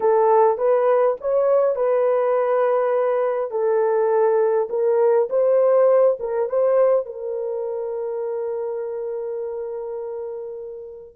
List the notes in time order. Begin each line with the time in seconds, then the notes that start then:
0.00 A4
0.57 B4
1.20 C#5
1.75 B4
3.51 A4
4.69 A#4
5.29 C5
6.19 A#4
6.49 C5
7.05 A#4